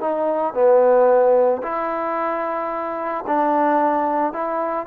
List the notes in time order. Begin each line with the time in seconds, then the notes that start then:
0.00 D#4
0.54 B3
1.62 E4
3.27 D4
4.33 E4